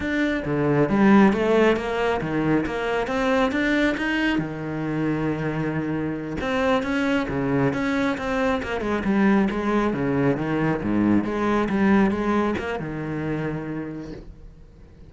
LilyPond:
\new Staff \with { instrumentName = "cello" } { \time 4/4 \tempo 4 = 136 d'4 d4 g4 a4 | ais4 dis4 ais4 c'4 | d'4 dis'4 dis2~ | dis2~ dis8 c'4 cis'8~ |
cis'8 cis4 cis'4 c'4 ais8 | gis8 g4 gis4 cis4 dis8~ | dis8 gis,4 gis4 g4 gis8~ | gis8 ais8 dis2. | }